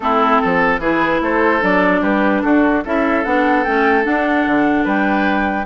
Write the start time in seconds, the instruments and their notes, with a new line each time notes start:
0.00 bassoon A3, clarinet C4, oboe E4, flute A4
0.41 bassoon F3, oboe A4
0.78 bassoon E3, clarinet E4, oboe G#4, flute B4
1.21 bassoon A3, oboe A4, flute C5
1.60 bassoon F#3, clarinet D4, flute D5
2.01 bassoon G3, oboe G4, flute B4
2.42 bassoon D4, oboe F#4, flute A4
2.84 bassoon C#4, clarinet E4, oboe A4, flute E5
3.24 bassoon B3, clarinet D4, flute F#5
3.63 bassoon A3, clarinet C#4, flute G5
4.03 clarinet D4, bassoon D4, flute F#5
4.46 bassoon D3
4.84 bassoon G3, oboe B4, flute G5